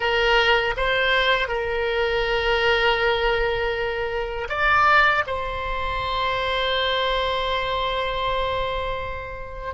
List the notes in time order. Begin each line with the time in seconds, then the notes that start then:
0.00 A#4
0.77 C5
1.48 A#4
4.49 D5
5.26 C5